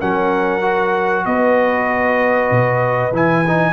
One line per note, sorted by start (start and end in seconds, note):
0.00 1.26 F#3
0.00 0.62 C#4
0.00 1.25 A#4
0.00 1.25 F#5
0.62 3.12 F#4
1.25 2.51 B3
1.25 3.72 B4
1.25 3.13 D#5
2.51 3.12 B2
3.12 3.72 E3
3.12 3.45 E4
3.12 3.72 G#5
3.48 3.72 D#4